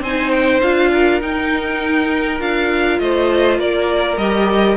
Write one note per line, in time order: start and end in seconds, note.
0.00 0.59 C4
0.00 0.62 D#4
0.00 0.90 C5
0.00 0.30 G#5
0.30 0.60 G5
0.62 1.21 D4
0.62 1.21 F4
0.62 1.21 F5
0.92 3.00 A#4
1.21 2.38 D#4
1.21 2.40 D#4
1.21 2.40 G5
2.38 2.99 D4
2.38 4.16 F4
2.38 2.99 F5
2.99 3.58 A3
2.99 3.59 C5
2.99 3.59 D#5
3.58 4.17 A#3
3.58 4.76 A#4
3.58 4.17 D5
4.17 4.76 G3
4.17 4.76 G4
4.17 4.76 D#5